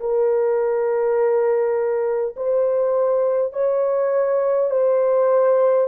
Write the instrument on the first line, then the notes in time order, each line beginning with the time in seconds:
horn
0.00 A#4
2.36 C5
3.53 C#5
4.71 C5